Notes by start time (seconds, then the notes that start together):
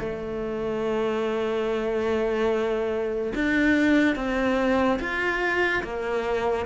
0.00 A3
3.35 D4
4.16 C4
5.00 F4
5.84 A#3